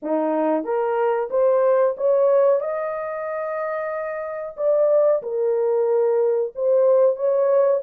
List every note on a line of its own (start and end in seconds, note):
0.02 0.64 D#4
0.64 1.29 A#4
1.30 1.95 C5
1.97 2.60 C#5
2.60 4.56 D#5
4.56 5.21 D5
5.22 6.52 A#4
6.55 7.16 C5
7.16 7.81 C#5